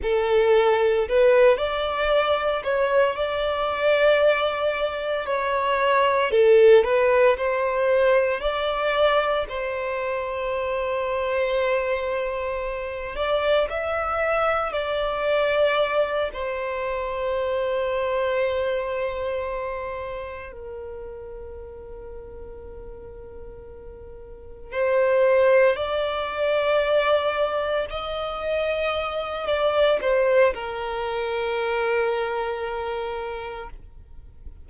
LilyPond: \new Staff \with { instrumentName = "violin" } { \time 4/4 \tempo 4 = 57 a'4 b'8 d''4 cis''8 d''4~ | d''4 cis''4 a'8 b'8 c''4 | d''4 c''2.~ | c''8 d''8 e''4 d''4. c''8~ |
c''2.~ c''8 ais'8~ | ais'2.~ ais'8 c''8~ | c''8 d''2 dis''4. | d''8 c''8 ais'2. | }